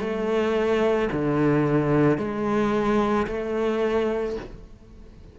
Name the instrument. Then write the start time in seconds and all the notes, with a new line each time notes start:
cello
0.00 A3
1.13 D3
2.18 G#3
3.28 A3